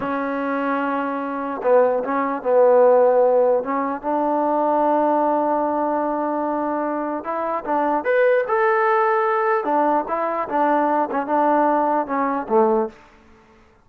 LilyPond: \new Staff \with { instrumentName = "trombone" } { \time 4/4 \tempo 4 = 149 cis'1 | b4 cis'4 b2~ | b4 cis'4 d'2~ | d'1~ |
d'2 e'4 d'4 | b'4 a'2. | d'4 e'4 d'4. cis'8 | d'2 cis'4 a4 | }